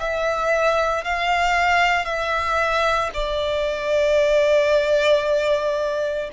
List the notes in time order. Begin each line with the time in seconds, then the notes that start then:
0.00 E5
1.04 F5
2.05 E5
3.14 D5